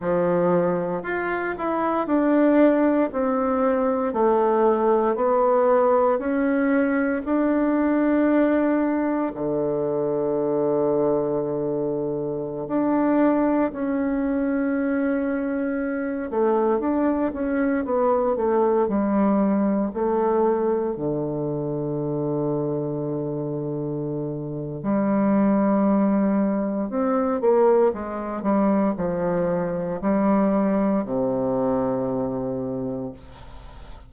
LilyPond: \new Staff \with { instrumentName = "bassoon" } { \time 4/4 \tempo 4 = 58 f4 f'8 e'8 d'4 c'4 | a4 b4 cis'4 d'4~ | d'4 d2.~ | d16 d'4 cis'2~ cis'8 a16~ |
a16 d'8 cis'8 b8 a8 g4 a8.~ | a16 d2.~ d8. | g2 c'8 ais8 gis8 g8 | f4 g4 c2 | }